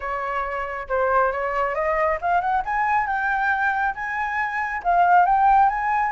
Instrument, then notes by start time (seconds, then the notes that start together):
flute
0.00 C#5
0.88 C5
1.32 C#5
1.74 D#5
2.21 F5
2.40 F#5
2.65 G#5
3.06 G5
3.94 G#5
4.83 F5
5.25 G5
5.69 G#5